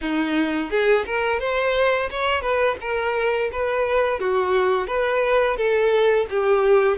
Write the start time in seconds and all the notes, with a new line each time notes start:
0.01 D#4
0.70 G#4
1.06 A#4
1.39 C5
2.10 C#5
2.41 B4
2.80 A#4
3.52 B4
4.19 F#4
4.87 B4
5.57 A4
6.30 G4